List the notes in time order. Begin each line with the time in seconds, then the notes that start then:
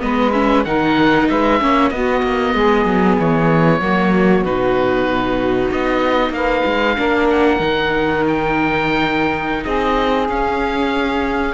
0.00 G#3 B3 B4 D#5
0.32 C#4 E5
0.64 D#3 D#4 A#4 F#5
1.29 G#3 B4 E5
1.60 A#3 C#4 C#5
1.90 B3 F#4 D#5
1.96 B3
2.23 A#3
2.54 G#3 G#4
2.85 F#3
3.19 E3 C#5
3.78 F#3 A#3 F#4
4.43 B2 D#4 B4
5.72 B3 D#5
6.30 A#3 F5
6.36 B4
6.66 G#3
6.96 A#3 D4 A#4
7.30 F#5
7.59 D#3 D#4
8.28 G5
9.64 C4 G#4 D#5
10.29 C#4 F5